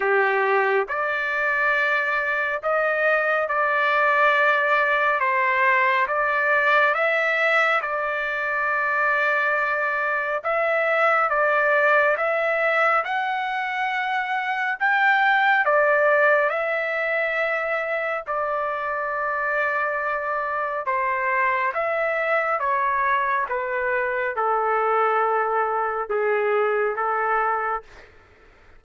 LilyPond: \new Staff \with { instrumentName = "trumpet" } { \time 4/4 \tempo 4 = 69 g'4 d''2 dis''4 | d''2 c''4 d''4 | e''4 d''2. | e''4 d''4 e''4 fis''4~ |
fis''4 g''4 d''4 e''4~ | e''4 d''2. | c''4 e''4 cis''4 b'4 | a'2 gis'4 a'4 | }